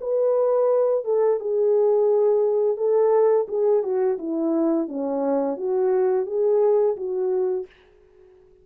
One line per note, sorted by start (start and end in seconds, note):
0.00 1.04 B4
1.04 1.39 A4
1.39 2.77 G#4
2.77 3.46 A4
3.48 3.82 G#4
3.82 4.17 F#4
4.18 4.88 E4
4.88 5.57 C#4
5.57 6.26 F#4
6.26 6.96 G#4
6.96 7.66 F#4